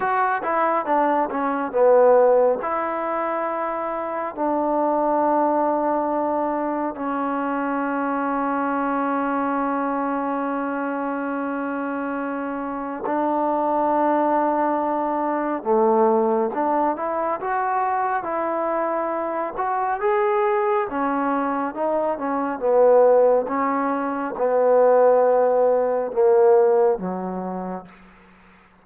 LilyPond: \new Staff \with { instrumentName = "trombone" } { \time 4/4 \tempo 4 = 69 fis'8 e'8 d'8 cis'8 b4 e'4~ | e'4 d'2. | cis'1~ | cis'2. d'4~ |
d'2 a4 d'8 e'8 | fis'4 e'4. fis'8 gis'4 | cis'4 dis'8 cis'8 b4 cis'4 | b2 ais4 fis4 | }